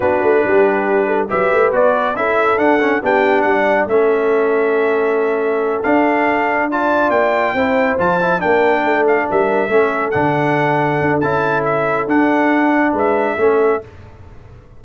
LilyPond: <<
  \new Staff \with { instrumentName = "trumpet" } { \time 4/4 \tempo 4 = 139 b'2. e''4 | d''4 e''4 fis''4 g''4 | fis''4 e''2.~ | e''4. f''2 a''8~ |
a''8 g''2 a''4 g''8~ | g''4 f''8 e''2 fis''8~ | fis''2 a''4 e''4 | fis''2 e''2 | }
  \new Staff \with { instrumentName = "horn" } { \time 4/4 fis'4 g'4. a'8 b'4~ | b'4 a'2 g'4 | d''4 a'2.~ | a'2.~ a'8 d''8~ |
d''4. c''2 ais'8~ | ais'8 a'4 ais'4 a'4.~ | a'1~ | a'2 b'4 a'4 | }
  \new Staff \with { instrumentName = "trombone" } { \time 4/4 d'2. g'4 | fis'4 e'4 d'8 cis'8 d'4~ | d'4 cis'2.~ | cis'4. d'2 f'8~ |
f'4. e'4 f'8 e'8 d'8~ | d'2~ d'8 cis'4 d'8~ | d'2 e'2 | d'2. cis'4 | }
  \new Staff \with { instrumentName = "tuba" } { \time 4/4 b8 a8 g2 fis8 a8 | b4 cis'4 d'4 b4 | g4 a2.~ | a4. d'2~ d'8~ |
d'8 ais4 c'4 f4 ais8~ | ais8 a4 g4 a4 d8~ | d4. d'8 cis'2 | d'2 gis4 a4 | }
>>